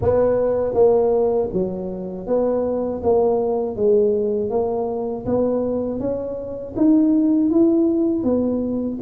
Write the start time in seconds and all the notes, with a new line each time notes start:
0.01 B3
0.73 A#3
1.52 F#3
2.26 B3
3.03 A#3
3.75 G#3
4.50 A#3
5.25 B3
5.99 C#4
6.76 D#4
7.50 E4
8.23 B3